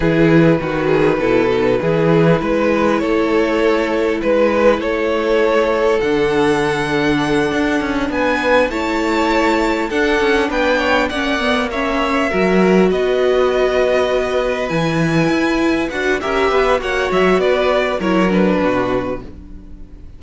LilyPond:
<<
  \new Staff \with { instrumentName = "violin" } { \time 4/4 \tempo 4 = 100 b'1~ | b'4 cis''2 b'4 | cis''2 fis''2~ | fis''4. gis''4 a''4.~ |
a''8 fis''4 g''4 fis''4 e''8~ | e''4. dis''2~ dis''8~ | dis''8 gis''2 fis''8 e''4 | fis''8 e''8 d''4 cis''8 b'4. | }
  \new Staff \with { instrumentName = "violin" } { \time 4/4 gis'4 fis'8 gis'8 a'4 gis'4 | b'4 a'2 b'4 | a'1~ | a'4. b'4 cis''4.~ |
cis''8 a'4 b'8 cis''8 d''4 cis''8~ | cis''8 ais'4 b'2~ b'8~ | b'2. ais'8 b'8 | cis''4 b'4 ais'4 fis'4 | }
  \new Staff \with { instrumentName = "viola" } { \time 4/4 e'4 fis'4 e'8 dis'8 e'4~ | e'1~ | e'2 d'2~ | d'2~ d'8 e'4.~ |
e'8 d'2 cis'8 b8 cis'8~ | cis'8 fis'2.~ fis'8~ | fis'8 e'2 fis'8 g'4 | fis'2 e'8 d'4. | }
  \new Staff \with { instrumentName = "cello" } { \time 4/4 e4 dis4 b,4 e4 | gis4 a2 gis4 | a2 d2~ | d8 d'8 cis'8 b4 a4.~ |
a8 d'8 cis'8 b4 ais4.~ | ais8 fis4 b2~ b8~ | b8 e4 e'4 d'8 cis'8 b8 | ais8 fis8 b4 fis4 b,4 | }
>>